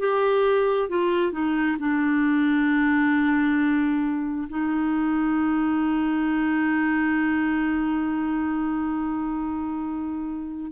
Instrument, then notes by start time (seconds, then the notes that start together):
clarinet
0.00 G4
0.90 F4
1.33 D#4
1.80 D4
4.49 D#4